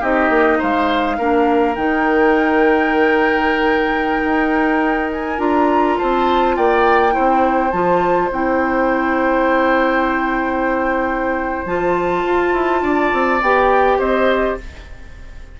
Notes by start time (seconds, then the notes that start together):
0.00 C4 D#4 G4 D#5
0.29 A#3
0.58 G#3 C5 F5
1.18 A#3 D4 A#4
1.75 D#3 D#4 G5
4.24 D#4
5.12 G#5
5.38 D4 F4 A#5
5.97 C4 C5 A5
6.56 A#3 D5 G5
7.11 E4 C5
7.18 C4
7.71 F3 F4 A5
8.31 C4 E4 G5
11.65 F3 F4 A5
12.24 F4
12.53 E4
12.82 D4 D5
13.13 C4
13.41 B3 G4 G5
13.98 C4 C5 D#5